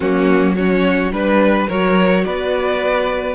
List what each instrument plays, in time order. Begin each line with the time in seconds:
0.00 cello F#3, viola A#3, violin C#4 F#4
0.55 viola C#4, violin F#4 C#5
1.11 cello G3, viola D4, violin B4
1.67 cello F#3, viola F#4, violin A#4 C#5
2.24 cello B3, violin B4 D5